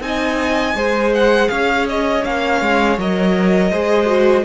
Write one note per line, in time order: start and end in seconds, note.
0.00 0.74 C4
0.00 0.75 D#4
0.00 1.13 G#5
0.06 0.76 D#5
0.74 1.48 G#3
0.74 2.23 G#4
0.74 1.50 C5
1.14 1.48 F#5
1.48 2.25 C#4
1.48 3.71 C#5
1.48 1.85 F5
1.89 2.24 D#5
2.23 2.61 A#3
2.23 2.97 C#4
2.23 2.98 F5
2.61 2.98 G#3
2.98 3.72 F#3
2.98 3.73 A#4
2.98 4.44 D#5
3.71 4.44 G#3
3.71 4.06 G#4
3.71 4.44 C5
4.06 4.43 F#4